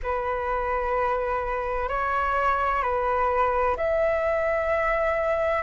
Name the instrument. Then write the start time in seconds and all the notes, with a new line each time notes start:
flute
0.03 B4
1.88 C#5
2.82 B4
3.77 E5